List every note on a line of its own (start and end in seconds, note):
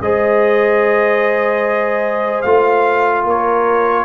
0.00 2.43 G#3
0.00 2.45 G#4
0.00 3.26 C5
0.00 2.41 D#5
2.41 3.24 A3
2.41 4.05 F4
2.41 3.22 F5
3.24 4.05 A#3
3.24 4.05 A#4
3.24 4.05 C#5